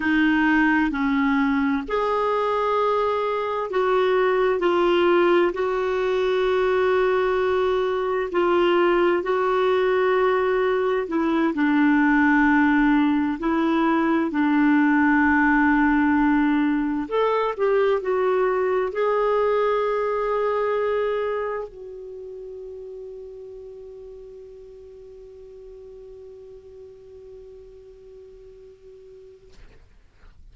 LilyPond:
\new Staff \with { instrumentName = "clarinet" } { \time 4/4 \tempo 4 = 65 dis'4 cis'4 gis'2 | fis'4 f'4 fis'2~ | fis'4 f'4 fis'2 | e'8 d'2 e'4 d'8~ |
d'2~ d'8 a'8 g'8 fis'8~ | fis'8 gis'2. fis'8~ | fis'1~ | fis'1 | }